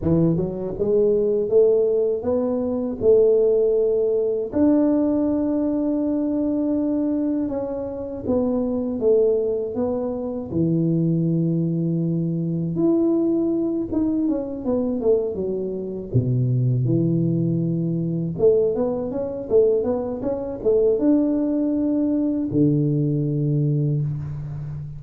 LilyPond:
\new Staff \with { instrumentName = "tuba" } { \time 4/4 \tempo 4 = 80 e8 fis8 gis4 a4 b4 | a2 d'2~ | d'2 cis'4 b4 | a4 b4 e2~ |
e4 e'4. dis'8 cis'8 b8 | a8 fis4 b,4 e4.~ | e8 a8 b8 cis'8 a8 b8 cis'8 a8 | d'2 d2 | }